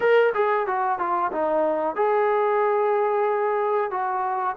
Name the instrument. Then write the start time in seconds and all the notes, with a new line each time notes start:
trombone
0.00 A#4
0.34 G#4
0.66 F#4
0.98 F4
1.32 D#4
1.95 G#4
3.90 F#4